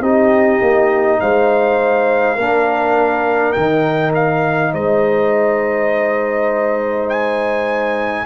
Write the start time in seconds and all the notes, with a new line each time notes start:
0.00 C4 D#4 G4 D#5
0.61 A#3
1.20 G#3 C5 F5
2.36 A#3 D4 A#4
3.53 D#3 D#4 G5
4.14 F5
4.73 G#3 C5 D#5
7.09 G#5